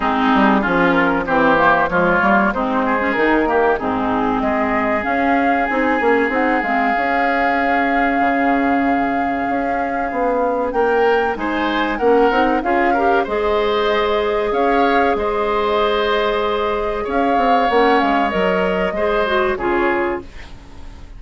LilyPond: <<
  \new Staff \with { instrumentName = "flute" } { \time 4/4 \tempo 4 = 95 gis'4. ais'8 c''4 cis''4 | c''4 ais'4 gis'4 dis''4 | f''4 gis''4 fis''8 f''4.~ | f''1~ |
f''4 g''4 gis''4 fis''4 | f''4 dis''2 f''4 | dis''2. f''4 | fis''8 f''8 dis''2 cis''4 | }
  \new Staff \with { instrumentName = "oboe" } { \time 4/4 dis'4 f'4 g'4 f'4 | dis'8 gis'4 g'8 dis'4 gis'4~ | gis'1~ | gis'1~ |
gis'4 ais'4 c''4 ais'4 | gis'8 ais'8 c''2 cis''4 | c''2. cis''4~ | cis''2 c''4 gis'4 | }
  \new Staff \with { instrumentName = "clarinet" } { \time 4/4 c'4 cis'4 c'8 ais8 gis8 ais8 | c'8. cis'16 dis'8 ais8 c'2 | cis'4 dis'8 cis'8 dis'8 c'8 cis'4~ | cis'1~ |
cis'2 dis'4 cis'8 dis'8 | f'8 g'8 gis'2.~ | gis'1 | cis'4 ais'4 gis'8 fis'8 f'4 | }
  \new Staff \with { instrumentName = "bassoon" } { \time 4/4 gis8 g8 f4 e4 f8 g8 | gis4 dis4 gis,4 gis4 | cis'4 c'8 ais8 c'8 gis8 cis'4~ | cis'4 cis2 cis'4 |
b4 ais4 gis4 ais8 c'8 | cis'4 gis2 cis'4 | gis2. cis'8 c'8 | ais8 gis8 fis4 gis4 cis4 | }
>>